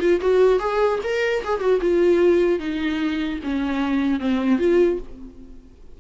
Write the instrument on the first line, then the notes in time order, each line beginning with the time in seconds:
viola
0.00 F4
0.20 F#4
0.59 G#4
1.03 A#4
1.44 G#4
1.60 F#4
1.81 F4
2.59 D#4
3.43 C#4
4.20 C4
4.58 F4